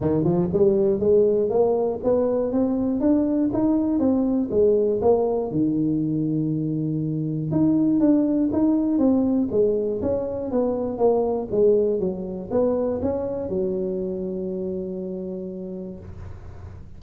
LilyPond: \new Staff \with { instrumentName = "tuba" } { \time 4/4 \tempo 4 = 120 dis8 f8 g4 gis4 ais4 | b4 c'4 d'4 dis'4 | c'4 gis4 ais4 dis4~ | dis2. dis'4 |
d'4 dis'4 c'4 gis4 | cis'4 b4 ais4 gis4 | fis4 b4 cis'4 fis4~ | fis1 | }